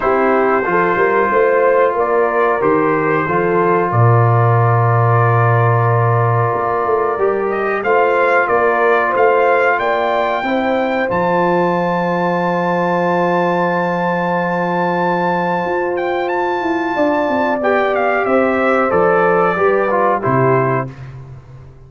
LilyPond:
<<
  \new Staff \with { instrumentName = "trumpet" } { \time 4/4 \tempo 4 = 92 c''2. d''4 | c''2 d''2~ | d''2.~ d''8 dis''8 | f''4 d''4 f''4 g''4~ |
g''4 a''2.~ | a''1~ | a''8 g''8 a''2 g''8 f''8 | e''4 d''2 c''4 | }
  \new Staff \with { instrumentName = "horn" } { \time 4/4 g'4 a'8 ais'8 c''4 ais'4~ | ais'4 a'4 ais'2~ | ais'1 | c''4 ais'4 c''4 d''4 |
c''1~ | c''1~ | c''2 d''2 | c''2 b'4 g'4 | }
  \new Staff \with { instrumentName = "trombone" } { \time 4/4 e'4 f'2. | g'4 f'2.~ | f'2. g'4 | f'1 |
e'4 f'2.~ | f'1~ | f'2. g'4~ | g'4 a'4 g'8 f'8 e'4 | }
  \new Staff \with { instrumentName = "tuba" } { \time 4/4 c'4 f8 g8 a4 ais4 | dis4 f4 ais,2~ | ais,2 ais8 a8 g4 | a4 ais4 a4 ais4 |
c'4 f2.~ | f1 | f'4. e'8 d'8 c'8 b4 | c'4 f4 g4 c4 | }
>>